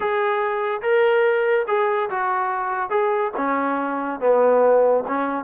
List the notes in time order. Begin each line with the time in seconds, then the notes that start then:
0.00 G#4
0.82 A#4
1.67 G#4
2.10 F#4
2.90 G#4
3.37 C#4
4.20 B3
5.07 C#4